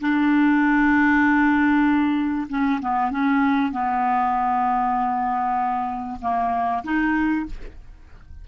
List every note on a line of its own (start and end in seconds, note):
0.00 2.47 D4
2.49 2.80 C#4
2.81 3.11 B3
3.11 3.71 C#4
3.71 6.19 B3
6.21 6.83 A#3
6.84 7.46 D#4